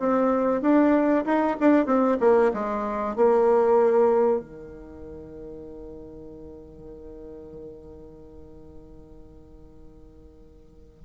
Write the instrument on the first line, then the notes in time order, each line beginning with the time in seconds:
bassoon
0.00 C4
0.62 D4
1.25 D#4
1.60 D4
1.86 C4
2.20 A#3
2.54 G#3
3.16 A#3
4.40 D#3